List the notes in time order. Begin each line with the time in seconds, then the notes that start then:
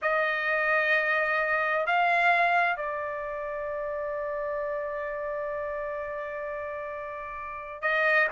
0.02 D#5
1.86 F5
2.76 D5
7.81 D#5